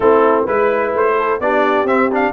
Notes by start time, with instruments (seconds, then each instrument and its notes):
0.00 tuba A3, trombone C4, horn E4, trumpet A4
0.44 tuba G#3, trombone E4, horn B4, trumpet B4
0.94 tuba A3, trumpet C5
1.18 horn A4
1.40 tuba B3, trombone D4, horn G4, trumpet D5
1.84 tuba C4, trombone C4, trumpet E5
2.12 trombone D4, trumpet F5